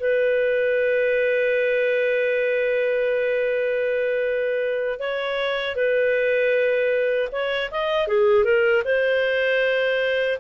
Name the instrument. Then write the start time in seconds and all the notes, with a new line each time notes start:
clarinet
0.00 B4
4.99 C#5
5.76 B4
7.32 C#5
7.71 D#5
8.08 G#4
8.44 A#4
8.85 C5